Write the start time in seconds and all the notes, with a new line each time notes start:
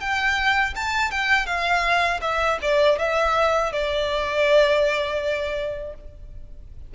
0.00 G5
0.75 A5
1.11 G5
1.46 F5
2.21 E5
2.62 D5
2.99 E5
3.72 D5